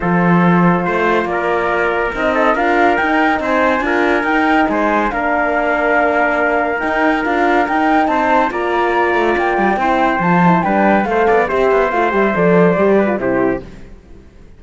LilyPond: <<
  \new Staff \with { instrumentName = "flute" } { \time 4/4 \tempo 4 = 141 c''2. d''4~ | d''4 dis''4 f''4 g''4 | gis''2 g''4 gis''4 | f''1 |
g''4 f''4 g''4 a''4 | ais''2 g''2 | a''4 g''4 f''4 e''4 | f''8 e''8 d''2 c''4 | }
  \new Staff \with { instrumentName = "trumpet" } { \time 4/4 a'2 c''4 ais'4~ | ais'4. a'8 ais'2 | c''4 ais'2 c''4 | ais'1~ |
ais'2. c''4 | d''2. c''4~ | c''4 b'4 c''8 d''8 c''4~ | c''2~ c''8 b'8 g'4 | }
  \new Staff \with { instrumentName = "horn" } { \time 4/4 f'1~ | f'4 dis'4 f'4 dis'4~ | dis'4 f'4 dis'2 | d'1 |
dis'4 f'4 dis'2 | f'2. e'4 | f'8 e'8 d'4 a'4 g'4 | f'8 g'8 a'4 g'8. f'16 e'4 | }
  \new Staff \with { instrumentName = "cello" } { \time 4/4 f2 a4 ais4~ | ais4 c'4 d'4 dis'4 | c'4 d'4 dis'4 gis4 | ais1 |
dis'4 d'4 dis'4 c'4 | ais4. a8 ais8 g8 c'4 | f4 g4 a8 b8 c'8 b8 | a8 g8 f4 g4 c4 | }
>>